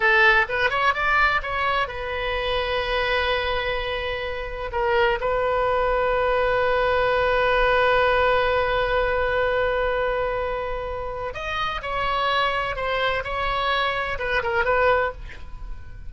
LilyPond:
\new Staff \with { instrumentName = "oboe" } { \time 4/4 \tempo 4 = 127 a'4 b'8 cis''8 d''4 cis''4 | b'1~ | b'2 ais'4 b'4~ | b'1~ |
b'1~ | b'1 | dis''4 cis''2 c''4 | cis''2 b'8 ais'8 b'4 | }